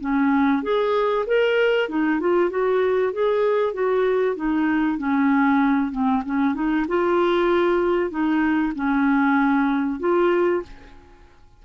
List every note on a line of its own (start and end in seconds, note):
0.00 0.62 C#4
0.62 1.25 G#4
1.26 1.89 A#4
1.89 2.20 D#4
2.20 2.50 F4
2.50 3.12 F#4
3.12 3.74 G#4
3.74 4.36 F#4
4.36 4.98 D#4
4.98 5.91 C#4
5.91 6.23 C4
6.25 6.54 C#4
6.54 6.86 D#4
6.88 8.10 F4
8.10 8.73 D#4
8.75 10.00 C#4
10.00 10.62 F4